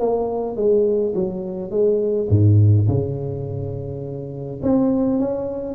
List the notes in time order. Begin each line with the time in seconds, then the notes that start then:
0.00 A#3
0.57 G#3
1.15 F#3
1.71 G#3
2.30 G#2
2.88 C#3
4.63 C4
5.19 C#4